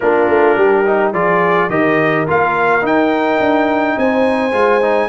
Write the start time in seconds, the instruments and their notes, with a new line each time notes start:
0.00 tuba A#3, trombone D4, horn F4, trumpet A#4
0.28 tuba A3
0.56 tuba G3, horn G4
0.86 trombone D#4
1.12 tuba F3, trombone F4, horn G#4, trumpet D5
1.69 tuba D#3, trombone G4, horn A#4, trumpet D#5
2.27 tuba A#3, trombone F4, trumpet F5
2.81 trombone D#4, tuba D#4, trumpet G5
3.39 tuba D4
3.97 tuba C4, horn C5, trumpet G#5
4.52 tuba G#3, trombone F4
4.81 trombone D#4